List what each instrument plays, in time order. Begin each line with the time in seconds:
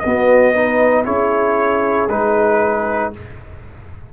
0.00 trombone B3, tuba B3, trumpet D#5
0.07 horn F#4
0.54 trombone D#4, horn B4
1.05 tuba C#4, trombone E4, horn G#4, trumpet C#5
2.09 tuba G#3, trombone D#4, trumpet B4